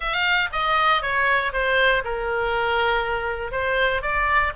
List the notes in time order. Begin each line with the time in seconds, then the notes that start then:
0.00 F5
0.52 D#5
1.02 C#5
1.52 C5
2.04 A#4
3.51 C5
4.02 D5